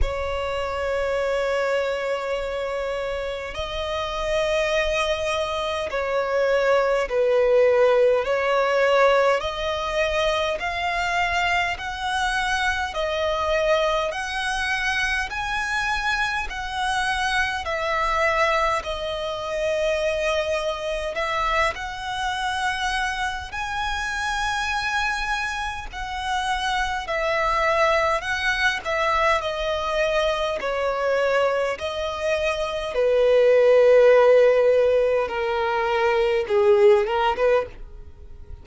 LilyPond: \new Staff \with { instrumentName = "violin" } { \time 4/4 \tempo 4 = 51 cis''2. dis''4~ | dis''4 cis''4 b'4 cis''4 | dis''4 f''4 fis''4 dis''4 | fis''4 gis''4 fis''4 e''4 |
dis''2 e''8 fis''4. | gis''2 fis''4 e''4 | fis''8 e''8 dis''4 cis''4 dis''4 | b'2 ais'4 gis'8 ais'16 b'16 | }